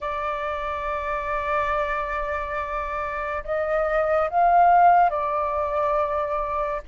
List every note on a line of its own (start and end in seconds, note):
0.00 3.43 D5
3.44 4.29 D#5
4.29 5.10 F5
5.10 6.81 D5